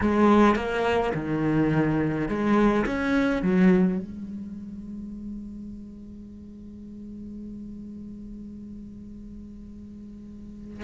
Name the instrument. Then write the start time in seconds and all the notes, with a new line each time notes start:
cello
0.01 G#3
0.55 A#3
1.14 D#3
2.28 G#3
2.86 C#4
3.42 F#3
3.98 G#3